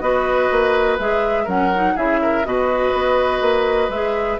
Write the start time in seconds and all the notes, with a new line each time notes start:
0.00 B3 F#4 B4 D#5
0.51 A#3
0.99 G#3 G#4 E5
1.45 F#3 C#4 A#4 F#5
1.75 D#4
1.96 C#3 E4 G#4 E5
2.22 A#4
2.44 B2 F#4 B4 D#5
2.94 B3
3.41 A#3
3.89 G#3 G#4 E5